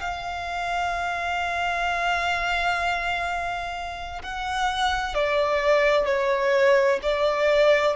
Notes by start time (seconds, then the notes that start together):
0.00 F5
4.22 F#5
5.14 D5
6.06 C#5
7.03 D5